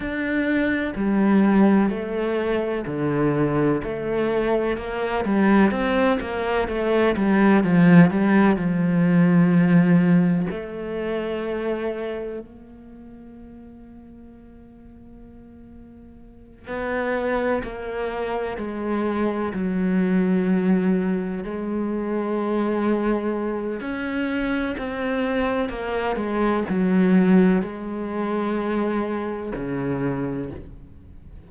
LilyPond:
\new Staff \with { instrumentName = "cello" } { \time 4/4 \tempo 4 = 63 d'4 g4 a4 d4 | a4 ais8 g8 c'8 ais8 a8 g8 | f8 g8 f2 a4~ | a4 ais2.~ |
ais4. b4 ais4 gis8~ | gis8 fis2 gis4.~ | gis4 cis'4 c'4 ais8 gis8 | fis4 gis2 cis4 | }